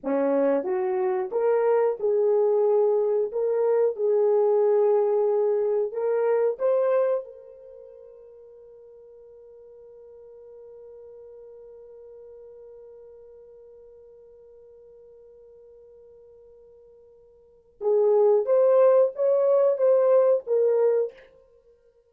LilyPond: \new Staff \with { instrumentName = "horn" } { \time 4/4 \tempo 4 = 91 cis'4 fis'4 ais'4 gis'4~ | gis'4 ais'4 gis'2~ | gis'4 ais'4 c''4 ais'4~ | ais'1~ |
ais'1~ | ais'1~ | ais'2. gis'4 | c''4 cis''4 c''4 ais'4 | }